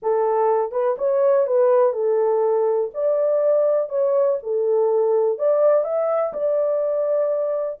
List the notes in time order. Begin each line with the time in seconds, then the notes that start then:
0.02 A4
0.71 B4
0.98 C#5
1.46 B4
1.92 A4
2.94 D5
3.89 C#5
4.42 A4
5.38 D5
5.84 E5
6.33 D5